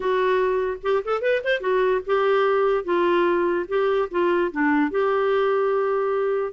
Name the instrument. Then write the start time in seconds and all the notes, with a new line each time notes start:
clarinet
0.00 F#4
0.82 G4
1.04 A4
1.21 B4
1.44 C5
1.60 F#4
2.06 G4
2.84 F4
3.68 G4
4.10 F4
4.51 D4
4.91 G4